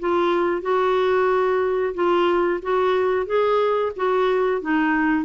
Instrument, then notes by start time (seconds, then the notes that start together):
clarinet
0.00 F4
0.62 F#4
1.95 F4
2.62 F#4
3.26 G#4
3.96 F#4
4.62 D#4